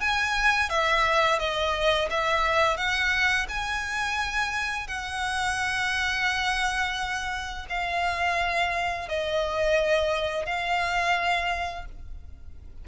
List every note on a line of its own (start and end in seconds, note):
0.00 0.69 G#5
0.69 1.39 E5
1.39 2.08 D#5
2.10 2.77 E5
2.77 3.47 F#5
3.49 4.87 G#5
4.87 7.66 F#5
7.69 9.09 F5
9.09 10.46 D#5
10.46 11.85 F5